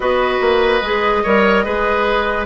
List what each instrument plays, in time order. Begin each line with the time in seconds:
0.00 bassoon B3, clarinet F#4, oboe B4, flute D#5
0.40 bassoon A#3
0.82 bassoon G#3, clarinet G#4
1.23 bassoon G3, clarinet A#4, oboe C#5
1.64 bassoon G#3, clarinet G#4, oboe B4